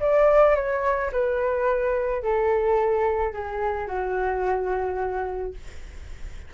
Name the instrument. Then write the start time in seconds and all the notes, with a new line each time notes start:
flute
0.00 D5
0.55 C#5
1.12 B4
2.22 A4
3.33 G#4
3.87 F#4